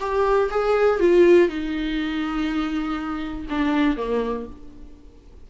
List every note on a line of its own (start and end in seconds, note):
0.00 0.50 G4
0.50 1.00 G#4
1.00 1.48 F4
1.48 3.47 D#4
3.50 3.96 D4
3.96 4.46 A#3